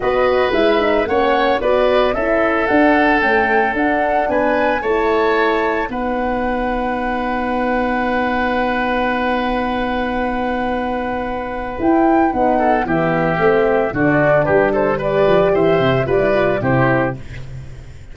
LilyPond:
<<
  \new Staff \with { instrumentName = "flute" } { \time 4/4 \tempo 4 = 112 dis''4 e''4 fis''4 d''4 | e''4 fis''4 g''4 fis''4 | gis''4 a''2 fis''4~ | fis''1~ |
fis''1~ | fis''2 g''4 fis''4 | e''2 d''4 b'8 c''8 | d''4 e''4 d''4 c''4 | }
  \new Staff \with { instrumentName = "oboe" } { \time 4/4 b'2 cis''4 b'4 | a'1 | b'4 cis''2 b'4~ | b'1~ |
b'1~ | b'2.~ b'8 a'8 | g'2 fis'4 g'8 a'8 | b'4 c''4 b'4 g'4 | }
  \new Staff \with { instrumentName = "horn" } { \time 4/4 fis'4 e'8 dis'8 cis'4 fis'4 | e'4 d'4 a4 d'4~ | d'4 e'2 dis'4~ | dis'1~ |
dis'1~ | dis'2 e'4 dis'4 | b4 c'4 d'2 | g'2 f'16 e'16 f'8 e'4 | }
  \new Staff \with { instrumentName = "tuba" } { \time 4/4 b4 gis4 ais4 b4 | cis'4 d'4 cis'4 d'4 | b4 a2 b4~ | b1~ |
b1~ | b2 e'4 b4 | e4 a4 d4 g4~ | g8 f8 e8 c8 g4 c4 | }
>>